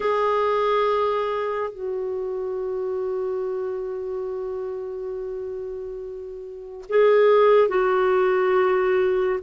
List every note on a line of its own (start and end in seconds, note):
0.00 1.70 G#4
1.70 6.84 F#4
6.89 7.68 G#4
7.68 9.39 F#4